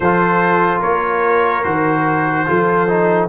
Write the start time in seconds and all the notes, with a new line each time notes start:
0.00 F3 F4 A4 C5
0.79 A#3 A#4 C#5
1.63 D#3 F#4 C5
2.46 F3 F4 A4
2.87 D#4